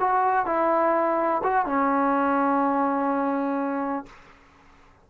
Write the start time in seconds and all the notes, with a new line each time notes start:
0.00 F#4
0.46 E4
1.43 F#4
1.66 C#4